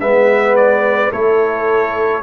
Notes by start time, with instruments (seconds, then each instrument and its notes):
0.00 tuba G#3, trombone B3, horn B4, trumpet E5
0.56 trumpet D5
1.12 tuba A3, trombone E4, horn A4, trumpet C#5